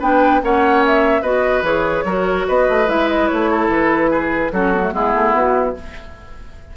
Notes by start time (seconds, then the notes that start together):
0.00 B3 D4 B4 G5
0.42 A#3 C#4 C#5 F#5
0.87 E5
1.22 B3 F#4 B4 D#5
1.62 E3 G#4 C#5
2.05 F#3 F#4 A#4
2.48 B3 B4 D#5
2.69 A3
2.87 G#3 E4 E5
3.09 D#5
3.28 A3 C#5
3.51 A4
3.68 E3 B4
4.11 G#4
4.52 F#3 C#4 F#4 A4
4.74 B3
4.83 A3
4.93 G#3 B3 E4 G#4
5.15 A3
5.34 B3 F#4